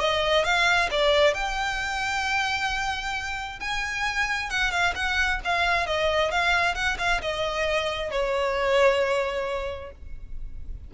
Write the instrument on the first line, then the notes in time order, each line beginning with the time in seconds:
violin
0.00 D#5
0.45 F5
0.91 D5
1.35 G5
3.60 G#5
4.51 F#5
4.72 F5
4.96 F#5
5.45 F5
5.87 D#5
6.32 F5
6.75 F#5
6.99 F5
7.22 D#5
8.11 C#5